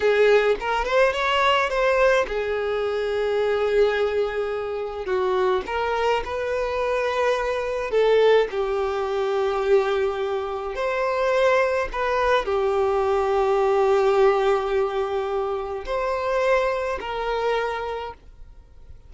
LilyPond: \new Staff \with { instrumentName = "violin" } { \time 4/4 \tempo 4 = 106 gis'4 ais'8 c''8 cis''4 c''4 | gis'1~ | gis'4 fis'4 ais'4 b'4~ | b'2 a'4 g'4~ |
g'2. c''4~ | c''4 b'4 g'2~ | g'1 | c''2 ais'2 | }